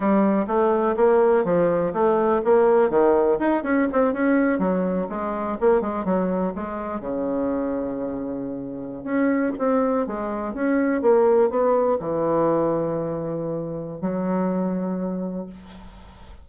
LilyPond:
\new Staff \with { instrumentName = "bassoon" } { \time 4/4 \tempo 4 = 124 g4 a4 ais4 f4 | a4 ais4 dis4 dis'8 cis'8 | c'8 cis'4 fis4 gis4 ais8 | gis8 fis4 gis4 cis4.~ |
cis2~ cis8. cis'4 c'16~ | c'8. gis4 cis'4 ais4 b16~ | b8. e2.~ e16~ | e4 fis2. | }